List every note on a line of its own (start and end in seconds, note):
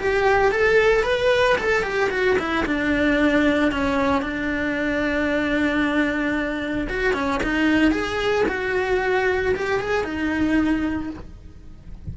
0.00 0.52 G4
0.52 1.04 A4
1.04 1.57 B4
1.58 1.83 A4
1.83 2.10 G4
2.10 2.37 F#4
2.39 2.65 E4
2.66 3.72 D4
3.72 4.22 C#4
4.22 6.88 D4
6.90 7.14 F#4
7.14 7.41 C#4
7.44 7.92 D#4
7.92 8.45 G#4
8.49 9.55 F#4
9.56 9.80 G4
9.80 10.04 G#4
10.04 11.10 D#4